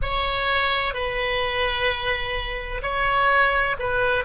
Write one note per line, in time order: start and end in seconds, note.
0.02 0.94 C#5
0.94 2.81 B4
2.82 3.76 C#5
3.79 4.24 B4